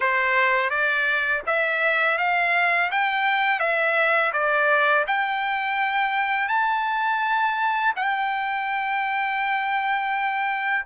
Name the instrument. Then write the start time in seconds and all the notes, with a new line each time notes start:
trumpet
0.00 C5
0.70 D5
1.46 E5
2.18 F5
2.91 G5
3.59 E5
4.32 D5
5.07 G5
6.48 A5
7.96 G5